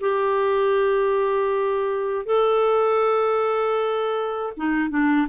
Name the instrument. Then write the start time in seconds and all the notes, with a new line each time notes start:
clarinet
0.00 G4
2.25 A4
4.56 D#4
4.89 D4